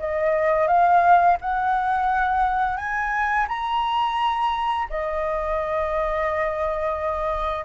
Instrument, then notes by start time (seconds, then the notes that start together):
flute
0.00 D#5
0.68 F5
1.41 F#5
2.77 G#5
3.49 A#5
4.90 D#5